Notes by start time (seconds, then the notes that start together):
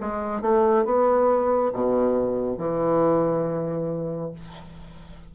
0.00 G#3
0.42 A3
0.85 B3
1.73 B2
2.58 E3